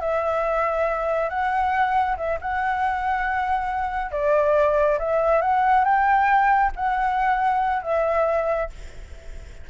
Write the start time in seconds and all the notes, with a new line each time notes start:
0.00 E5
1.29 F#5
2.17 E5
2.41 F#5
4.11 D5
4.99 E5
5.41 F#5
5.84 G5
6.75 F#5
7.82 E5